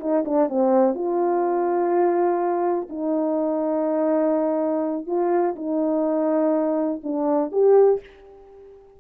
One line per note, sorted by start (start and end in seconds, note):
0.00 0.24 D#4
0.25 0.49 D4
0.49 0.95 C4
0.95 2.88 F4
2.89 5.07 D#4
5.07 5.55 F4
5.56 7.01 D#4
7.03 7.52 D4
7.52 8.00 G4